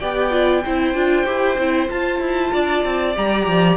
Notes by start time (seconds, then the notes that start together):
0.00 B3 G4 D5 G5
0.31 F4
0.65 C4 E4 C5
0.94 D4 F4
1.25 E4 G4
1.57 C4 E4
1.89 F4 A5
2.20 E4
2.54 D4 D5
2.84 C4
3.16 G3 G4 A#5
3.48 F3